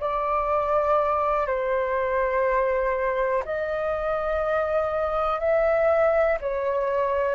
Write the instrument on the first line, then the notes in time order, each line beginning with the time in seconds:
flute
0.00 D5
1.47 C5
3.45 D#5
5.40 E5
6.41 C#5